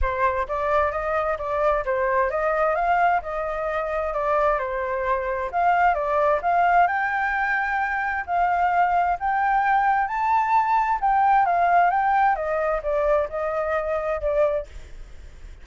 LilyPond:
\new Staff \with { instrumentName = "flute" } { \time 4/4 \tempo 4 = 131 c''4 d''4 dis''4 d''4 | c''4 dis''4 f''4 dis''4~ | dis''4 d''4 c''2 | f''4 d''4 f''4 g''4~ |
g''2 f''2 | g''2 a''2 | g''4 f''4 g''4 dis''4 | d''4 dis''2 d''4 | }